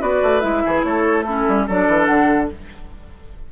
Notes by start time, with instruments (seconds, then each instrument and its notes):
0.00 bassoon B3, clarinet F#4, oboe B4, flute D5
0.22 bassoon A3
0.39 bassoon G#3, clarinet E4, flute E5
0.64 bassoon E3, oboe G#4
0.83 bassoon A3, oboe A4, flute C#5
1.22 clarinet C#4, oboe E4, flute A4
1.48 bassoon G3
1.67 bassoon F#3, clarinet D4, oboe A4, flute D5
1.87 bassoon E3
2.05 bassoon D3, flute F#5